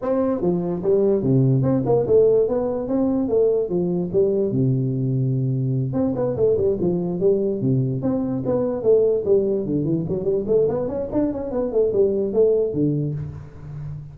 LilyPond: \new Staff \with { instrumentName = "tuba" } { \time 4/4 \tempo 4 = 146 c'4 f4 g4 c4 | c'8 ais8 a4 b4 c'4 | a4 f4 g4 c4~ | c2~ c8 c'8 b8 a8 |
g8 f4 g4 c4 c'8~ | c'8 b4 a4 g4 d8 | e8 fis8 g8 a8 b8 cis'8 d'8 cis'8 | b8 a8 g4 a4 d4 | }